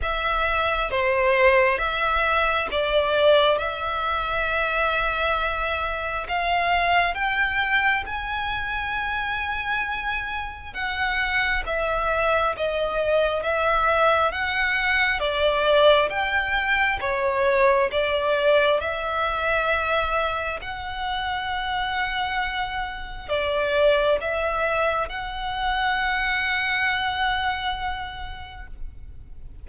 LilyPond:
\new Staff \with { instrumentName = "violin" } { \time 4/4 \tempo 4 = 67 e''4 c''4 e''4 d''4 | e''2. f''4 | g''4 gis''2. | fis''4 e''4 dis''4 e''4 |
fis''4 d''4 g''4 cis''4 | d''4 e''2 fis''4~ | fis''2 d''4 e''4 | fis''1 | }